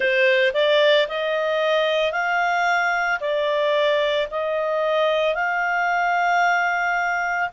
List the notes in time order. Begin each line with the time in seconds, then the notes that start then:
0.00 C5
0.54 D5
1.08 D#5
2.12 F5
3.20 D5
4.31 D#5
5.35 F5